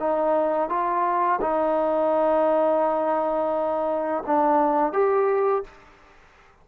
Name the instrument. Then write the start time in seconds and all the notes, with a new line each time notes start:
trombone
0.00 D#4
0.70 F4
1.41 D#4
4.27 D4
4.93 G4